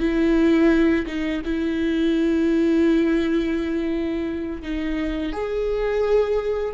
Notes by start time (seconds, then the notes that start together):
0.00 E4
1.07 D#4
1.45 E4
4.62 D#4
5.33 G#4